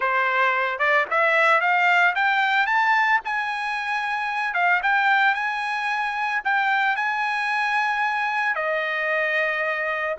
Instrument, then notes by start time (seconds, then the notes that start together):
trumpet
0.00 C5
0.78 D5
1.10 E5
1.60 F5
2.15 G5
2.66 A5
3.24 G#5
4.54 F5
4.82 G5
5.34 G#5
6.44 G5
6.96 G#5
8.55 D#5